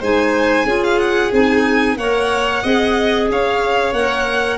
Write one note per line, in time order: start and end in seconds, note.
0.00 0.64 G#3
0.00 0.66 D#4
0.00 0.65 C5
0.00 0.83 G#5
0.64 1.29 C#4
0.64 1.31 F4
0.64 1.96 G#4
0.83 0.98 F5
0.98 1.31 F#5
1.31 1.97 C4
1.31 1.96 D#4
1.31 1.97 G#5
1.97 2.62 A#3
1.97 2.64 A#4
1.97 2.63 C#5
1.97 3.28 F#5
2.63 3.29 C4
2.63 3.94 G#4
2.63 3.28 D#5
3.29 3.92 C#4
3.29 4.57 C#5
3.29 3.93 F5
3.92 4.57 A#3
3.92 4.57 A#4
3.92 4.57 F#5